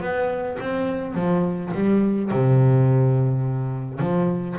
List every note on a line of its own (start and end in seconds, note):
0.00 0.57 B3
0.59 1.14 C4
1.14 1.71 F3
1.74 2.31 G3
2.31 3.99 C3
3.99 4.56 F3